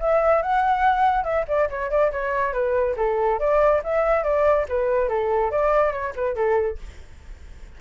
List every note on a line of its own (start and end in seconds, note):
0.00 0.42 E5
0.42 1.24 F#5
1.24 1.45 E5
1.48 1.69 D5
1.70 1.91 C#5
1.91 2.12 D5
2.12 2.53 C#5
2.53 2.96 B4
2.97 3.40 A4
3.40 3.82 D5
3.84 4.24 E5
4.24 4.66 D5
4.69 5.09 B4
5.09 5.51 A4
5.51 5.93 D5
5.93 6.14 C#5
6.16 6.36 B4
6.36 6.78 A4